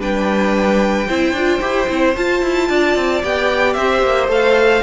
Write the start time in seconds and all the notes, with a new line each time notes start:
0.00 G3 D4 B4 G5
1.08 C4 E4 C5
1.33 D4 F4
1.61 E4 G4
1.88 C4 E4
2.16 F4 A5
2.43 E4
2.70 D4 D5
2.96 C4
3.23 B3 G4 G5
3.74 C4 C5 E5
4.03 A#3
4.28 A3 A4 F5